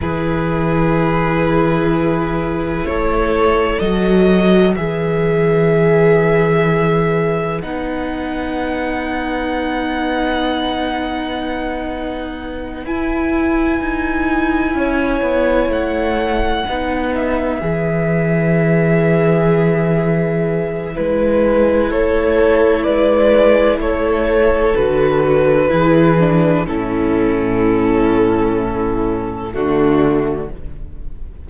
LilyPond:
<<
  \new Staff \with { instrumentName = "violin" } { \time 4/4 \tempo 4 = 63 b'2. cis''4 | dis''4 e''2. | fis''1~ | fis''4. gis''2~ gis''8~ |
gis''8 fis''4. e''2~ | e''2 b'4 cis''4 | d''4 cis''4 b'2 | a'2. fis'4 | }
  \new Staff \with { instrumentName = "violin" } { \time 4/4 gis'2. a'4~ | a'4 b'2.~ | b'1~ | b'2.~ b'8 cis''8~ |
cis''4. b'2~ b'8~ | b'2. a'4 | b'4 a'2 gis'4 | e'2. d'4 | }
  \new Staff \with { instrumentName = "viola" } { \time 4/4 e'1 | fis'4 gis'2. | dis'1~ | dis'4. e'2~ e'8~ |
e'4. dis'4 gis'4.~ | gis'2 e'2~ | e'2 fis'4 e'8 d'8 | cis'2. a4 | }
  \new Staff \with { instrumentName = "cello" } { \time 4/4 e2. a4 | fis4 e2. | b1~ | b4. e'4 dis'4 cis'8 |
b8 a4 b4 e4.~ | e2 gis4 a4 | gis4 a4 d4 e4 | a,2. d4 | }
>>